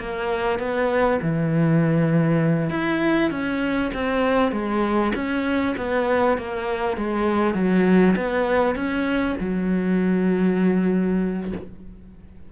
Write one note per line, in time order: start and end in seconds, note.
0.00 0.60 A#3
0.60 1.20 B3
1.22 2.70 E3
2.70 3.31 E4
3.31 3.92 C#4
3.94 4.52 C4
4.52 5.13 G#3
5.15 5.76 C#4
5.77 6.38 B3
6.38 6.98 A#3
6.98 7.55 G#3
7.55 8.15 F#3
8.17 8.76 B3
8.76 9.36 C#4
9.41 11.53 F#3